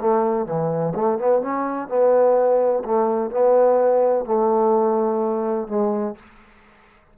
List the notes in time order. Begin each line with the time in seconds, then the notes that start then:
0.00 A3
0.45 E3
0.95 A3
1.18 B3
1.41 C#4
1.88 B3
2.84 A3
3.30 B3
4.25 A3
5.68 G#3